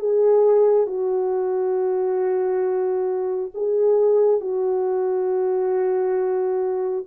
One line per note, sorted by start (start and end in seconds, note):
0.00 0.87 G#4
0.87 3.52 F#4
3.55 4.41 G#4
4.41 7.06 F#4